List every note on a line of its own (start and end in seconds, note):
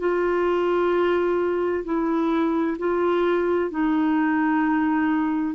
0.00 1.85 F4
1.85 2.77 E4
2.79 3.71 F4
3.71 5.55 D#4